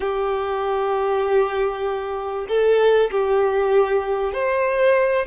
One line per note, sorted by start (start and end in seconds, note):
0.00 2.47 G4
2.48 3.10 A4
3.11 4.33 G4
4.33 5.26 C5